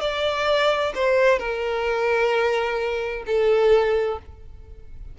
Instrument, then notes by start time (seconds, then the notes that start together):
violin
0.00 D5
0.94 C5
1.38 A#4
3.26 A4